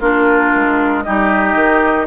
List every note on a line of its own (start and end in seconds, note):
0.00 0.52 A#3
0.00 1.05 D4
0.00 1.03 F4
0.00 1.03 A#4
0.55 1.06 G#3
1.03 1.55 G3
1.03 2.07 D#4
1.03 2.07 G4
1.03 2.06 D#5
1.55 2.06 D#3